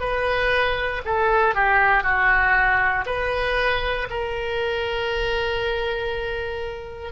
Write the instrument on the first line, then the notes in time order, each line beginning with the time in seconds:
oboe
0.00 B4
1.05 A4
1.54 G4
2.03 F#4
3.06 B4
4.10 A#4